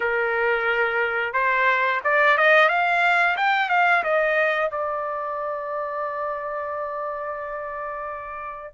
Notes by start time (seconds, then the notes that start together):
0.00 A#4
1.33 C5
2.04 D5
2.37 D#5
2.68 F5
3.36 G5
3.69 F5
4.03 D#5
4.70 D5